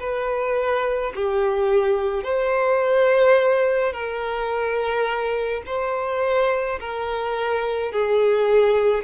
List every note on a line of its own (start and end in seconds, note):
0.00 1.13 B4
1.15 2.24 G4
2.24 3.93 C5
3.93 5.63 A#4
5.67 6.80 C5
6.80 7.92 A#4
7.92 9.04 G#4